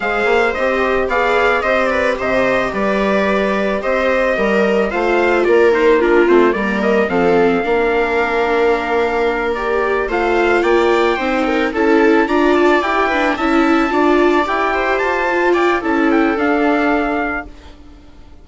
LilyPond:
<<
  \new Staff \with { instrumentName = "trumpet" } { \time 4/4 \tempo 4 = 110 f''4 dis''4 f''4 dis''8 d''8 | dis''4 d''2 dis''4~ | dis''4 f''4 d''8 c''8 ais'8 c''8 | d''8 dis''8 f''2.~ |
f''4. d''4 f''4 g''8~ | g''4. a''4 ais''8 a''8 g''8~ | g''8 a''2 g''4 a''8~ | a''8 g''8 a''8 g''8 f''2 | }
  \new Staff \with { instrumentName = "viola" } { \time 4/4 c''2 d''4 c''8 b'8 | c''4 b'2 c''4 | ais'4 c''4 ais'4 f'4 | ais'4 a'4 ais'2~ |
ais'2~ ais'8 c''4 d''8~ | d''8 c''8 ais'8 a'4 d''4. | b'8 e''4 d''4. c''4~ | c''8 d''8 a'2. | }
  \new Staff \with { instrumentName = "viola" } { \time 4/4 gis'4 g'4 gis'4 g'4~ | g'1~ | g'4 f'4. dis'8 d'8 c'8 | ais4 c'4 d'2~ |
d'4. g'4 f'4.~ | f'8 dis'4 e'4 f'4 g'8 | d'8 e'4 f'4 g'4. | f'4 e'4 d'2 | }
  \new Staff \with { instrumentName = "bassoon" } { \time 4/4 gis8 ais8 c'4 b4 c'4 | c4 g2 c'4 | g4 a4 ais4. a8 | g4 f4 ais2~ |
ais2~ ais8 a4 ais8~ | ais8 c'4 cis'4 d'4 e'8~ | e'8 cis'4 d'4 e'4 f'8~ | f'4 cis'4 d'2 | }
>>